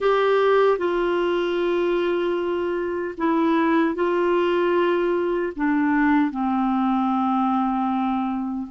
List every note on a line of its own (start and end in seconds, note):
0.00 0.78 G4
0.78 3.14 F4
3.17 3.95 E4
3.95 5.53 F4
5.56 6.30 D4
6.30 8.67 C4